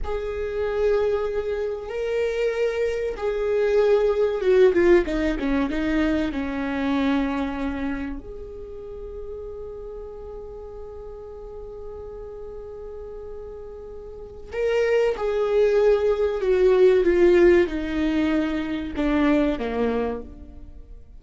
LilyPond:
\new Staff \with { instrumentName = "viola" } { \time 4/4 \tempo 4 = 95 gis'2. ais'4~ | ais'4 gis'2 fis'8 f'8 | dis'8 cis'8 dis'4 cis'2~ | cis'4 gis'2.~ |
gis'1~ | gis'2. ais'4 | gis'2 fis'4 f'4 | dis'2 d'4 ais4 | }